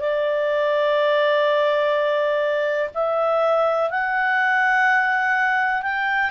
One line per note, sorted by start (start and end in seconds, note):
0.00 2.90 D5
2.95 3.91 E5
3.91 5.82 F#5
5.82 6.31 G5